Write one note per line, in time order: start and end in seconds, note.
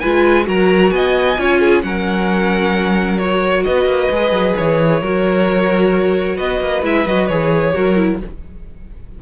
0.00 0.48 G#3
0.00 0.44 F4
0.00 0.46 B4
0.00 0.45 G#5
0.44 0.91 F#3
0.44 1.35 F#4
0.44 0.94 A#4
0.44 0.91 A#5
0.91 1.37 B3
0.91 1.40 D#5
0.91 1.82 G#5
1.38 1.83 C#4
1.38 1.83 F4
1.38 1.60 C#5
1.60 1.83 G#4
1.82 3.65 F#3
1.82 3.19 C#4
1.82 3.65 A#4
1.82 3.18 F#5
3.18 4.12 F#4
3.18 3.64 C#5
3.64 3.85 B3
3.64 5.00 B4
3.64 4.55 D#5
3.85 4.08 A#3
4.10 4.31 G#3
4.10 5.03 G#4
4.31 4.54 F#3
4.57 5.02 E3
4.57 6.37 C#5
5.00 6.38 F#3
5.00 6.83 F#4
5.00 6.36 A#4
6.36 6.61 B3
6.36 7.72 B4
6.36 6.83 D#5
6.61 6.83 A#3
6.83 7.05 G#3
6.83 7.06 E4
6.83 7.07 E5
7.06 7.29 F#3
7.06 7.30 F#4
7.06 7.27 D#5
7.27 7.74 E3
7.27 7.74 G#4
7.27 8.18 C#5
7.74 8.22 F#3
7.74 7.96 F#4
7.74 8.20 A#4
7.96 8.19 E4